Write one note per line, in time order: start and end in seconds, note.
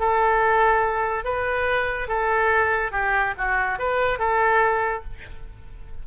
0.00 1.25 A4
1.25 2.08 B4
2.08 2.92 A4
2.92 3.34 G4
3.38 3.79 F#4
3.79 4.19 B4
4.19 5.03 A4